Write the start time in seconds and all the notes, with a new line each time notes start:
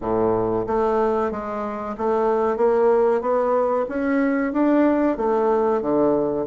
0.01 A2
0.66 A3
1.31 G#3
1.97 A3
2.57 A#3
3.21 B3
3.89 C#4
4.52 D4
5.17 A3
5.81 D3